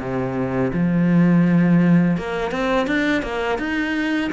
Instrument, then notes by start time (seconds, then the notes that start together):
cello
0.00 C3
0.74 F3
2.18 A#3
2.52 C4
2.87 D4
3.23 A#3
3.59 D#4